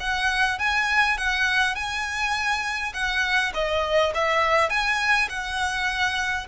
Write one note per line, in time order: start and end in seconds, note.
0.00 0.59 F#5
0.59 1.18 G#5
1.18 1.76 F#5
1.76 2.93 G#5
2.94 3.53 F#5
3.54 4.13 D#5
4.15 4.70 E5
4.70 5.29 G#5
5.29 6.47 F#5